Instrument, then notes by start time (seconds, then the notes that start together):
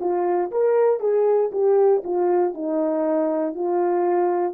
horn
0.00 F4
0.51 A#4
1.00 G#4
1.52 G4
2.04 F4
2.54 D#4
3.55 F4